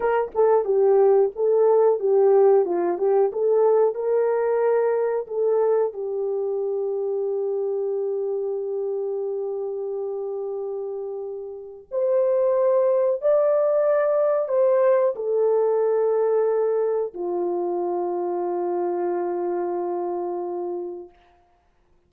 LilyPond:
\new Staff \with { instrumentName = "horn" } { \time 4/4 \tempo 4 = 91 ais'8 a'8 g'4 a'4 g'4 | f'8 g'8 a'4 ais'2 | a'4 g'2.~ | g'1~ |
g'2 c''2 | d''2 c''4 a'4~ | a'2 f'2~ | f'1 | }